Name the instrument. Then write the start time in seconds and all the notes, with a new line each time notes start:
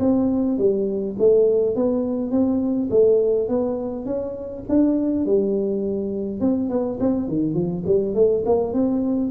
tuba
0.00 C4
0.58 G3
1.19 A3
1.76 B3
2.31 C4
2.91 A3
3.49 B3
4.06 C#4
4.69 D4
5.26 G3
6.41 C4
6.70 B3
7.00 C4
7.28 D#3
7.54 F3
7.86 G3
8.15 A3
8.46 A#3
8.74 C4